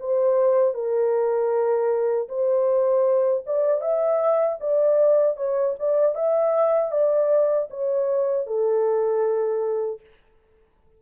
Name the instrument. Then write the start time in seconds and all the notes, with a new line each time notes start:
horn
0.00 C5
0.74 A#4
2.29 C5
3.46 D5
3.81 E5
4.60 D5
5.37 C#5
5.79 D5
6.15 E5
6.92 D5
7.70 C#5
8.47 A4